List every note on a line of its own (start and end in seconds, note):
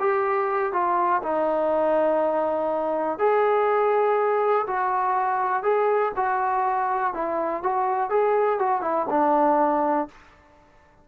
0.00 0.73 G4
0.73 1.22 F4
1.23 3.19 D#4
3.19 4.67 G#4
4.67 5.63 F#4
5.63 6.13 G#4
6.17 7.14 F#4
7.14 7.63 E4
7.63 8.10 F#4
8.10 8.59 G#4
8.59 8.82 F#4
8.82 9.06 E4
9.10 10.08 D4